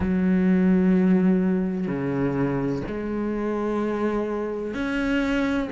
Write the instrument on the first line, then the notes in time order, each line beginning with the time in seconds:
cello
0.00 F#3
1.87 C#3
2.87 G#3
4.74 C#4